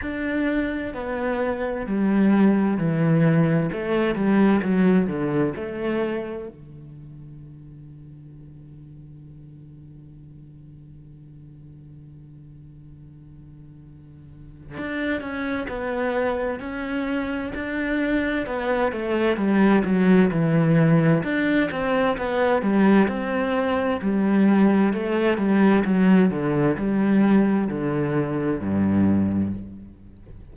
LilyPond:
\new Staff \with { instrumentName = "cello" } { \time 4/4 \tempo 4 = 65 d'4 b4 g4 e4 | a8 g8 fis8 d8 a4 d4~ | d1~ | d1 |
d'8 cis'8 b4 cis'4 d'4 | b8 a8 g8 fis8 e4 d'8 c'8 | b8 g8 c'4 g4 a8 g8 | fis8 d8 g4 d4 g,4 | }